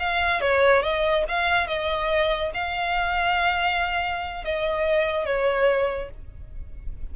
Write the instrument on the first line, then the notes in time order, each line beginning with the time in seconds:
violin
0.00 F5
0.41 C#5
0.83 D#5
1.29 F5
1.68 D#5
2.55 F5
4.45 D#5
5.26 C#5